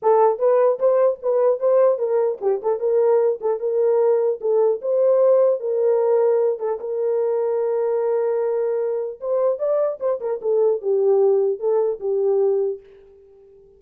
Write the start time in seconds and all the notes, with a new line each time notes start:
0.02 A4
0.38 B4
0.79 C5
1.22 B4
1.59 C5
1.98 A#4
2.41 G4
2.62 A4
2.79 A#4
3.40 A4
3.59 A#4
4.41 A4
4.81 C5
5.59 A#4
6.59 A4
6.79 A#4
9.20 C5
9.58 D5
10.00 C5
10.20 A#4
10.41 A4
10.81 G4
11.59 A4
11.99 G4